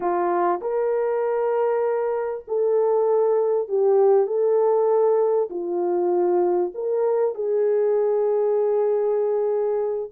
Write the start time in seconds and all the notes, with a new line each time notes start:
0.00 F4
0.61 A#4
2.47 A4
3.68 G4
4.26 A4
5.50 F4
6.74 A#4
7.35 G#4